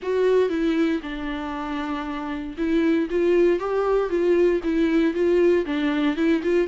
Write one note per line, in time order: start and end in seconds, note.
0.02 0.49 F#4
0.49 1.00 E4
1.02 2.56 D4
2.57 3.08 E4
3.10 3.59 F4
3.59 4.09 G4
4.09 4.61 F4
4.63 5.14 E4
5.14 5.65 F4
5.65 6.16 D4
6.16 6.41 E4
6.42 6.67 F4